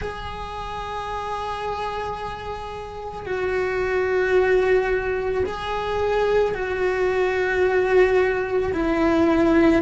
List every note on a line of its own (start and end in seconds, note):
0.01 3.25 G#4
3.25 5.43 F#4
5.45 6.54 G#4
6.54 8.72 F#4
8.73 9.82 E4